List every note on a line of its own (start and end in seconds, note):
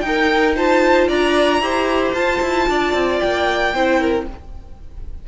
0.00 1.08 D#4
0.00 0.56 D#4
0.00 0.53 G5
0.07 0.56 A#4
0.56 1.62 F4
0.56 1.08 C5
0.56 1.09 A5
1.08 1.60 D4
1.08 1.61 D5
1.08 2.14 A#5
1.60 2.13 E4
1.60 2.15 G4
1.60 2.69 C5
2.13 2.40 F4
2.13 3.74 F4
2.13 3.19 A5
2.41 2.68 E4
2.68 2.93 D4
2.68 3.74 D5
2.93 3.20 C4
3.19 3.74 A#3
3.19 4.25 G5
3.74 4.27 C4
3.74 4.28 E4
3.74 4.00 C5
4.00 4.26 A#4